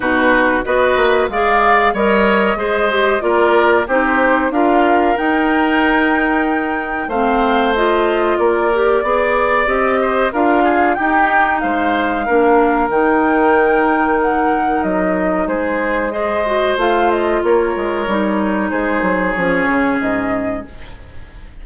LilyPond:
<<
  \new Staff \with { instrumentName = "flute" } { \time 4/4 \tempo 4 = 93 b'4 dis''4 f''4 dis''4~ | dis''4 d''4 c''4 f''4 | g''2. f''4 | dis''4 d''2 dis''4 |
f''4 g''4 f''2 | g''2 fis''4 dis''4 | c''4 dis''4 f''8 dis''8 cis''4~ | cis''4 c''4 cis''4 dis''4 | }
  \new Staff \with { instrumentName = "oboe" } { \time 4/4 fis'4 b'4 d''4 cis''4 | c''4 ais'4 g'4 ais'4~ | ais'2. c''4~ | c''4 ais'4 d''4. c''8 |
ais'8 gis'8 g'4 c''4 ais'4~ | ais'1 | gis'4 c''2 ais'4~ | ais'4 gis'2. | }
  \new Staff \with { instrumentName = "clarinet" } { \time 4/4 dis'4 fis'4 gis'4 ais'4 | gis'8 g'8 f'4 dis'4 f'4 | dis'2. c'4 | f'4. g'8 gis'4 g'4 |
f'4 dis'2 d'4 | dis'1~ | dis'4 gis'8 fis'8 f'2 | dis'2 cis'2 | }
  \new Staff \with { instrumentName = "bassoon" } { \time 4/4 b,4 b8 ais8 gis4 g4 | gis4 ais4 c'4 d'4 | dis'2. a4~ | a4 ais4 b4 c'4 |
d'4 dis'4 gis4 ais4 | dis2. fis4 | gis2 a4 ais8 gis8 | g4 gis8 fis8 f8 cis8 gis,4 | }
>>